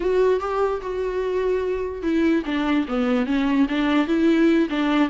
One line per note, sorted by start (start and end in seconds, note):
0.00 0.40 F#4
0.40 0.81 G4
0.81 2.02 F#4
2.02 2.43 E4
2.45 2.86 D4
2.88 3.25 B3
3.25 3.66 C#4
3.68 4.07 D4
4.07 4.68 E4
4.69 5.09 D4